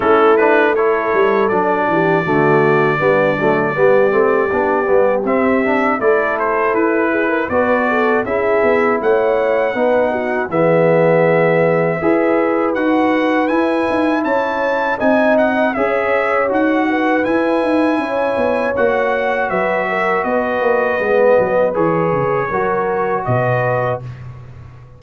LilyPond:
<<
  \new Staff \with { instrumentName = "trumpet" } { \time 4/4 \tempo 4 = 80 a'8 b'8 cis''4 d''2~ | d''2. e''4 | d''8 c''8 b'4 d''4 e''4 | fis''2 e''2~ |
e''4 fis''4 gis''4 a''4 | gis''8 fis''8 e''4 fis''4 gis''4~ | gis''4 fis''4 e''4 dis''4~ | dis''4 cis''2 dis''4 | }
  \new Staff \with { instrumentName = "horn" } { \time 4/4 e'4 a'4. g'8 fis'4 | d'4 g'2. | a'4. gis'16 ais'16 b'8 a'8 gis'4 | cis''4 b'8 fis'8 gis'2 |
b'2. cis''4 | dis''4 cis''4. b'4. | cis''2 b'8 ais'8 b'4~ | b'2 ais'4 b'4 | }
  \new Staff \with { instrumentName = "trombone" } { \time 4/4 cis'8 d'8 e'4 d'4 a4 | b8 a8 b8 c'8 d'8 b8 c'8 d'8 | e'2 fis'4 e'4~ | e'4 dis'4 b2 |
gis'4 fis'4 e'2 | dis'4 gis'4 fis'4 e'4~ | e'4 fis'2. | b4 gis'4 fis'2 | }
  \new Staff \with { instrumentName = "tuba" } { \time 4/4 a4. g8 fis8 e8 d4 | g8 fis8 g8 a8 b8 g8 c'4 | a4 e'4 b4 cis'8 b8 | a4 b4 e2 |
e'4 dis'4 e'8 dis'8 cis'4 | c'4 cis'4 dis'4 e'8 dis'8 | cis'8 b8 ais4 fis4 b8 ais8 | gis8 fis8 e8 cis8 fis4 b,4 | }
>>